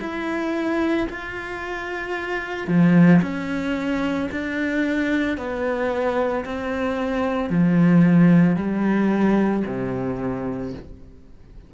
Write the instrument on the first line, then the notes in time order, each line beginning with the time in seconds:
cello
0.00 E4
1.09 F4
2.67 F3
3.22 C#4
4.31 D4
5.38 B3
6.45 C4
7.50 F3
8.56 G3
9.66 C3